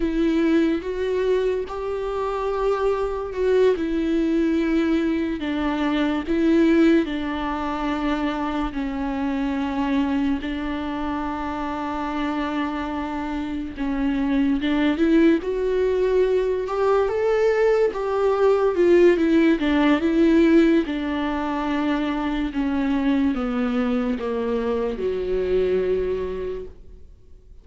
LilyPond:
\new Staff \with { instrumentName = "viola" } { \time 4/4 \tempo 4 = 72 e'4 fis'4 g'2 | fis'8 e'2 d'4 e'8~ | e'8 d'2 cis'4.~ | cis'8 d'2.~ d'8~ |
d'8 cis'4 d'8 e'8 fis'4. | g'8 a'4 g'4 f'8 e'8 d'8 | e'4 d'2 cis'4 | b4 ais4 fis2 | }